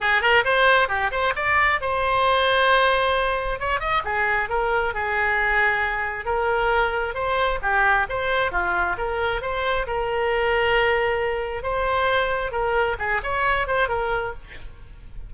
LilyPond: \new Staff \with { instrumentName = "oboe" } { \time 4/4 \tempo 4 = 134 gis'8 ais'8 c''4 g'8 c''8 d''4 | c''1 | cis''8 dis''8 gis'4 ais'4 gis'4~ | gis'2 ais'2 |
c''4 g'4 c''4 f'4 | ais'4 c''4 ais'2~ | ais'2 c''2 | ais'4 gis'8 cis''4 c''8 ais'4 | }